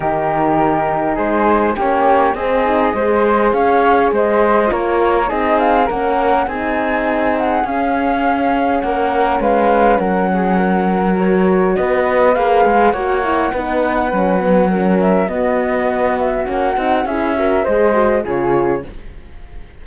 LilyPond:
<<
  \new Staff \with { instrumentName = "flute" } { \time 4/4 \tempo 4 = 102 ais'2 c''4 cis''4 | dis''2 f''4 dis''4 | cis''4 dis''8 f''8 fis''4 gis''4~ | gis''8 fis''8 f''2 fis''4 |
f''4 fis''2 cis''4 | dis''4 f''4 fis''2~ | fis''4. e''8 dis''4. e''8 | fis''4 e''4 dis''4 cis''4 | }
  \new Staff \with { instrumentName = "flute" } { \time 4/4 g'2 gis'4 g'4 | gis'4 c''4 cis''4 c''4 | ais'4 gis'4 ais'4 gis'4~ | gis'2. ais'4 |
b'4 ais'8 gis'8 ais'2 | b'2 cis''4 b'4~ | b'4 ais'4 fis'2~ | fis'4 gis'8 ais'8 c''4 gis'4 | }
  \new Staff \with { instrumentName = "horn" } { \time 4/4 dis'2. cis'4 | c'8 dis'8 gis'2. | f'4 dis'4 cis'4 dis'4~ | dis'4 cis'2.~ |
cis'2. fis'4~ | fis'4 gis'4 fis'8 e'8 dis'4 | cis'8 b8 cis'4 b2 | cis'8 dis'8 e'8 fis'8 gis'8 fis'8 f'4 | }
  \new Staff \with { instrumentName = "cello" } { \time 4/4 dis2 gis4 ais4 | c'4 gis4 cis'4 gis4 | ais4 c'4 ais4 c'4~ | c'4 cis'2 ais4 |
gis4 fis2. | b4 ais8 gis8 ais4 b4 | fis2 b2 | ais8 c'8 cis'4 gis4 cis4 | }
>>